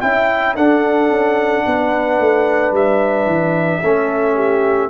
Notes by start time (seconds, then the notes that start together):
0.00 C#4 E4 E5 G5
0.55 D4 A4 F#5
1.10 C#4
1.66 B3 B4
2.19 A3
2.71 G3 E5
3.26 E3
3.82 A3 C#4 A4
4.35 G4